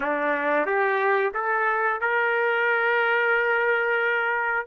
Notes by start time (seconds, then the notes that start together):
0.00 D4
0.65 G4
1.34 A4
2.00 A#4